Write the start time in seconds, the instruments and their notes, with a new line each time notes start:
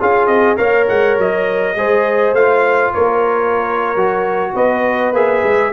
0.00 tuba C#4, trombone F4, horn G#4, trumpet F5
0.27 tuba C4, trumpet D#5
0.56 tuba A#3, trombone A#4, horn C#5, trumpet F5
0.89 tuba G#3, trumpet F#5
1.18 tuba F#3, trumpet D#5
1.75 tuba G#3, trombone G#4, horn C5
2.33 tuba A3, trombone F4, trumpet F5
2.94 tuba A#3, horn A#4, trumpet C#5
3.96 tuba F#3, trombone F#4
4.54 tuba B3, horn B4, trumpet D#5
5.13 tuba A#3, trombone G#4, trumpet E5
5.44 tuba G#3